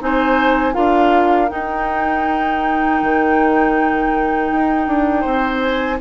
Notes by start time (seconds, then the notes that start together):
0.00 C4 D#4 C5 G#5
0.73 D4 F4 A#4 F5
1.49 D#4 G5
3.02 D#3
4.52 D#4
4.87 D4
5.20 C4 C5
5.61 G#5